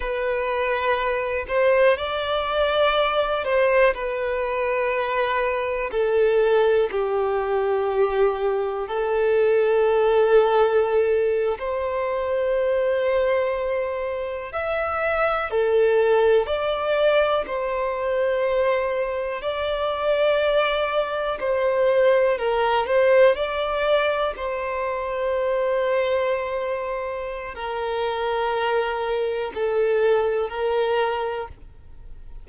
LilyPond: \new Staff \with { instrumentName = "violin" } { \time 4/4 \tempo 4 = 61 b'4. c''8 d''4. c''8 | b'2 a'4 g'4~ | g'4 a'2~ a'8. c''16~ | c''2~ c''8. e''4 a'16~ |
a'8. d''4 c''2 d''16~ | d''4.~ d''16 c''4 ais'8 c''8 d''16~ | d''8. c''2.~ c''16 | ais'2 a'4 ais'4 | }